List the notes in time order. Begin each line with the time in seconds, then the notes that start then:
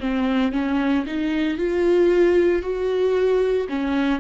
0.00 C4
0.52 C#4
1.06 D#4
1.57 F4
2.62 F#4
3.69 C#4